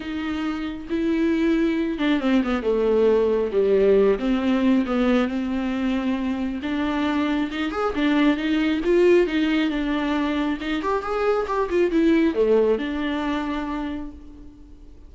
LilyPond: \new Staff \with { instrumentName = "viola" } { \time 4/4 \tempo 4 = 136 dis'2 e'2~ | e'8 d'8 c'8 b8 a2 | g4. c'4. b4 | c'2. d'4~ |
d'4 dis'8 gis'8 d'4 dis'4 | f'4 dis'4 d'2 | dis'8 g'8 gis'4 g'8 f'8 e'4 | a4 d'2. | }